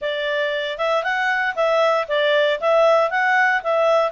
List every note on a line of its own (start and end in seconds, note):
0.01 0.78 D5
0.78 1.03 E5
1.03 1.55 F#5
1.55 2.07 E5
2.08 2.60 D5
2.60 3.10 E5
3.10 3.62 F#5
3.63 4.11 E5